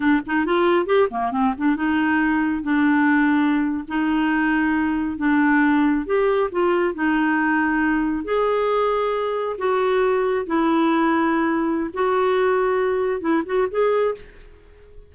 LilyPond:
\new Staff \with { instrumentName = "clarinet" } { \time 4/4 \tempo 4 = 136 d'8 dis'8 f'4 g'8 ais8 c'8 d'8 | dis'2 d'2~ | d'8. dis'2. d'16~ | d'4.~ d'16 g'4 f'4 dis'16~ |
dis'2~ dis'8. gis'4~ gis'16~ | gis'4.~ gis'16 fis'2 e'16~ | e'2. fis'4~ | fis'2 e'8 fis'8 gis'4 | }